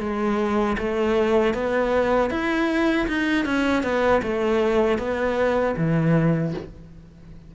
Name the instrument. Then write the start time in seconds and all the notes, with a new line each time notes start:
cello
0.00 G#3
0.78 A3
1.54 B3
2.30 E4
3.08 D#4
3.45 C#4
3.83 B3
4.22 A3
4.98 B3
5.77 E3